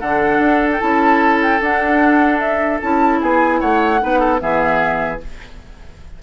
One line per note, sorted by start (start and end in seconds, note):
0.00 0.40 D3
0.00 0.80 D4
0.00 3.20 A4
0.00 0.70 F#5
0.40 0.80 D4
0.73 0.81 G5
0.80 1.61 C#4
0.80 1.60 E4
0.80 1.41 A5
1.43 1.63 G5
1.61 2.81 D4
1.61 2.82 D4
1.61 2.40 F#5
2.40 2.80 E5
2.81 3.22 C#4
2.81 4.00 E4
2.81 3.21 A5
3.21 3.62 B3
3.21 3.61 G#4
3.21 3.61 G#5
3.61 4.03 A3
3.61 4.01 C#5
3.61 4.41 F#5
4.00 4.42 B3
4.00 4.38 D#4
4.00 4.20 B4
4.20 4.40 A4
4.38 5.22 E3
4.38 5.18 B3
4.38 5.23 G#4
4.38 5.21 E5